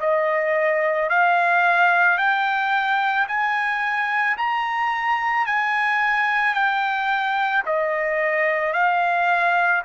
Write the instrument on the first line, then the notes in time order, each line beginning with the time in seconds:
trumpet
0.00 D#5
1.09 F5
2.18 G5
3.28 G#5
4.37 A#5
5.46 G#5
6.54 G5
7.66 D#5
8.73 F5